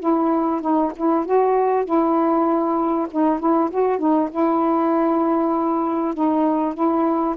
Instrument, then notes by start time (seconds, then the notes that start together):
saxophone
0.00 E4
0.61 D#4
0.96 E4
1.25 F#4
1.85 E4
3.11 D#4
3.40 E4
3.71 F#4
3.99 D#4
4.31 E4
6.14 D#4
6.74 E4